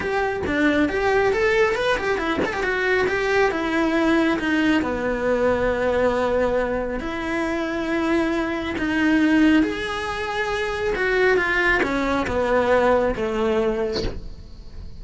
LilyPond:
\new Staff \with { instrumentName = "cello" } { \time 4/4 \tempo 4 = 137 g'4 d'4 g'4 a'4 | b'8 g'8 e'8 a'16 g'16 fis'4 g'4 | e'2 dis'4 b4~ | b1 |
e'1 | dis'2 gis'2~ | gis'4 fis'4 f'4 cis'4 | b2 a2 | }